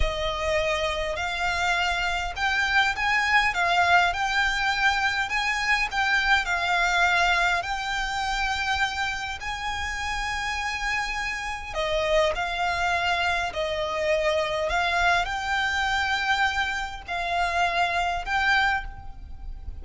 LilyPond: \new Staff \with { instrumentName = "violin" } { \time 4/4 \tempo 4 = 102 dis''2 f''2 | g''4 gis''4 f''4 g''4~ | g''4 gis''4 g''4 f''4~ | f''4 g''2. |
gis''1 | dis''4 f''2 dis''4~ | dis''4 f''4 g''2~ | g''4 f''2 g''4 | }